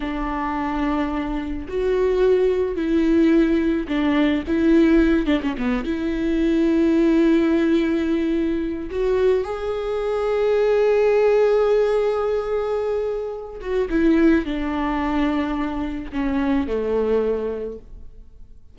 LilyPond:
\new Staff \with { instrumentName = "viola" } { \time 4/4 \tempo 4 = 108 d'2. fis'4~ | fis'4 e'2 d'4 | e'4. d'16 cis'16 b8 e'4.~ | e'1 |
fis'4 gis'2.~ | gis'1~ | gis'8 fis'8 e'4 d'2~ | d'4 cis'4 a2 | }